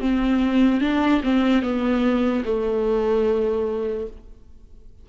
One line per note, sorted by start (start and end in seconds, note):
0.00 0.81 C4
0.81 1.21 D4
1.23 1.63 C4
1.63 2.44 B3
2.45 4.07 A3